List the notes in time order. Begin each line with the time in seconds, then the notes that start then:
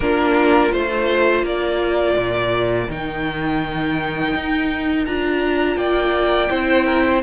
0.00 A#3 D4 F4 A#4
0.70 A3 F4 C5
1.42 A#3 A#4 D5
2.15 A#2
2.88 D#3 D#4 G5
4.34 D#4
5.05 D4 F4 A#5
5.76 A#3 D5 G5
6.50 C4 E4 C5
6.86 A#4
7.07 C5